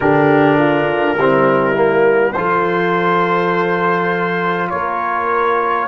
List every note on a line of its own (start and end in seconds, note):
0.00 1.16 D3
0.00 1.18 D4
0.00 0.58 G4
0.00 2.32 A#4
0.58 1.17 F4
1.16 2.34 G3
1.16 1.75 C4
1.16 2.35 E4
1.75 2.34 A#3
2.32 4.71 F3
2.32 5.87 F4
2.32 4.71 A4
2.32 4.67 C5
4.69 5.87 A#3
4.69 5.87 A#4
4.69 5.87 C#5